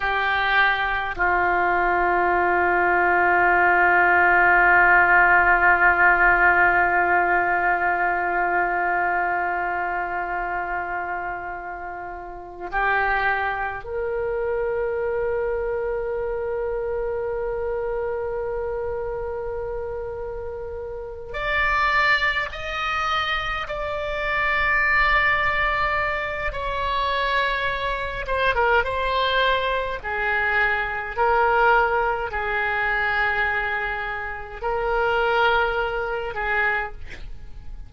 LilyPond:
\new Staff \with { instrumentName = "oboe" } { \time 4/4 \tempo 4 = 52 g'4 f'2.~ | f'1~ | f'2. g'4 | ais'1~ |
ais'2~ ais'8 d''4 dis''8~ | dis''8 d''2~ d''8 cis''4~ | cis''8 c''16 ais'16 c''4 gis'4 ais'4 | gis'2 ais'4. gis'8 | }